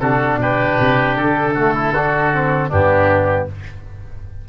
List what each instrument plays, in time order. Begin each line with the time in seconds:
0.00 tuba C3, trombone D4, oboe F#4 A4
0.36 tuba B2, oboe G4 B4
0.80 tuba C3
1.17 tuba D3, oboe A4
1.54 trombone A3, oboe F#4
1.74 oboe E4
1.93 trombone D4, oboe F#4
2.33 trombone C4
2.69 tuba G2, trombone B3, oboe D4 G4